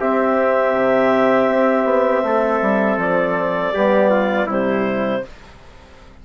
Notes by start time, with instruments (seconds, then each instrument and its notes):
0.00 bassoon C4, trombone C4, trumpet G4, clarinet E5
0.73 bassoon C3
1.48 bassoon C4
1.85 bassoon B3
2.23 bassoon A3, trumpet A4
2.62 bassoon G3
2.97 bassoon F3, clarinet D5
3.74 bassoon G3, trombone B3, trumpet G4
4.10 trumpet F4
4.47 bassoon C3, trombone G3, trumpet E4, clarinet C5